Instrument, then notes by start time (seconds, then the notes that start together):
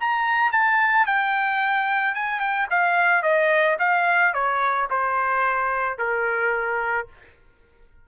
trumpet
0.00 A#5
0.52 A5
1.06 G5
2.14 G#5
2.40 G5
2.70 F5
3.22 D#5
3.79 F5
4.34 C#5
4.90 C5
5.98 A#4